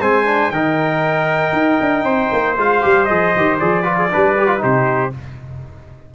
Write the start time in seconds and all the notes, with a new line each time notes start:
0.00 G#3 C4 C5 G#5
0.26 D4
0.51 D#3 D#4 A#4 G5
1.52 D#4
1.81 D4
2.04 C4 C5
2.32 A#3
2.57 G#3 F4 F5
2.82 G3 G4
3.05 F3 G#4 D#5
3.36 D#3 G4
3.60 F3 G#4 D5
3.82 F4 B4
3.98 G#4
4.10 G3 D4 B4
4.38 G4
4.47 F4
4.58 C3 D#4 G4 C5